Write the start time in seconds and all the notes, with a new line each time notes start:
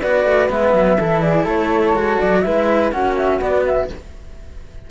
0.00 B3 F#4 B4 D5
0.25 A3
0.49 G#3 B3 E5
0.73 F#3
0.98 E3 E4 A4
1.21 G#4 D5
1.44 A3 A4 C#5
1.93 G#3 F#4
2.19 F#3 D5
2.41 G#3 E4 B4 E5
2.91 A#3 C#4 F#4 F#5
3.17 E5
3.39 B3 D5
3.66 E5